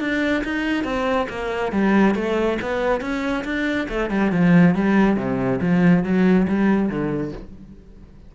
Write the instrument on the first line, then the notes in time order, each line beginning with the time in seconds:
cello
0.00 D4
0.44 D#4
0.84 C4
1.29 A#3
1.72 G3
2.15 A3
2.62 B3
3.01 C#4
3.45 D4
3.89 A3
4.10 G3
4.32 F3
4.75 G3
5.17 C3
5.61 F3
6.04 F#3
6.47 G3
6.89 D3